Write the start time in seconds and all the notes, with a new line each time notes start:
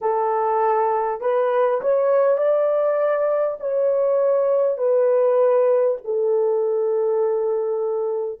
0.01 A4
1.20 B4
1.81 C#5
2.37 D5
3.59 C#5
4.77 B4
6.04 A4